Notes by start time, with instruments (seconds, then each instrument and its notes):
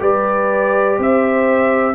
0.00 tuba G3, trombone G4, horn B4, trumpet D5
0.98 tuba C4, horn C5, trumpet E5